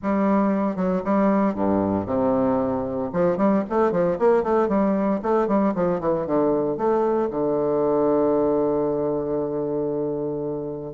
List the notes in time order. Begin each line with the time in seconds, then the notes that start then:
0.02 G3
0.76 F#3
1.04 G3
1.54 G2
2.06 C3
3.12 F3
3.37 G3
3.69 A3
3.91 F3
4.18 A#3
4.43 A3
4.68 G3
5.22 A3
5.47 G3
5.75 F3
6.00 E3
6.26 D3
6.77 A3
7.30 D3